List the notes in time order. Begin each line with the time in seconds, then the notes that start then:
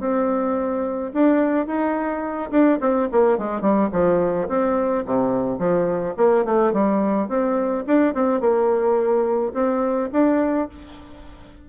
0.00 C4
1.13 D4
1.67 D#4
2.51 D4
2.81 C4
3.12 A#3
3.38 G#3
3.61 G3
3.92 F3
4.49 C4
5.06 C3
5.59 F3
6.17 A#3
6.45 A3
6.73 G3
7.28 C4
7.87 D4
8.15 C4
8.41 A#3
9.54 C4
10.13 D4